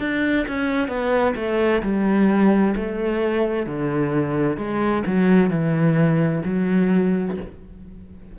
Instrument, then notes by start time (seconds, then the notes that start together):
cello
0.00 D4
0.48 C#4
0.88 B3
1.36 A3
1.83 G3
2.76 A3
3.67 D3
4.57 G#3
5.06 F#3
5.50 E3
6.45 F#3